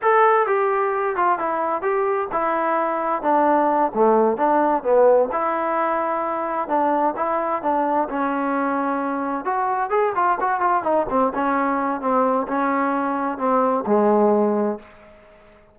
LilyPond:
\new Staff \with { instrumentName = "trombone" } { \time 4/4 \tempo 4 = 130 a'4 g'4. f'8 e'4 | g'4 e'2 d'4~ | d'8 a4 d'4 b4 e'8~ | e'2~ e'8 d'4 e'8~ |
e'8 d'4 cis'2~ cis'8~ | cis'8 fis'4 gis'8 f'8 fis'8 f'8 dis'8 | c'8 cis'4. c'4 cis'4~ | cis'4 c'4 gis2 | }